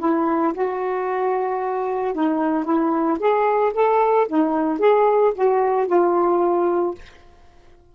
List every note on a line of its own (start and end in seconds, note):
0.00 0.54 E4
0.54 2.14 F#4
2.14 2.65 D#4
2.65 3.19 E4
3.19 3.73 G#4
3.74 4.28 A4
4.29 4.80 D#4
4.80 5.33 G#4
5.35 5.88 F#4
5.88 6.95 F4